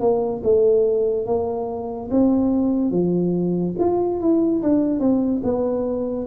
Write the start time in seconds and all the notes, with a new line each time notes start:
0.00 A#3
0.43 A3
1.26 A#3
2.11 C4
2.91 F3
3.79 F4
4.20 E4
4.62 D4
5.00 C4
5.43 B3